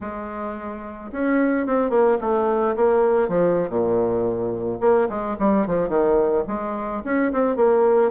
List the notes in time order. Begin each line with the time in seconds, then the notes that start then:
0.01 G#3
1.12 C#4
1.66 C4
1.90 A#3
2.20 A3
2.76 A#3
3.28 F3
3.69 A#2
4.80 A#3
5.09 G#3
5.39 G3
5.66 F3
5.88 D#3
6.47 G#3
7.04 C#4
7.32 C4
7.56 A#3